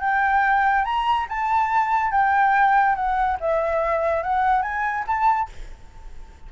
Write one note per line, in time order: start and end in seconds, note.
0.00 0.84 G5
0.84 1.27 A#5
1.29 2.11 A5
2.11 2.95 G5
2.95 3.37 F#5
3.40 4.23 E5
4.23 4.62 F#5
4.62 5.04 G#5
5.07 5.49 A5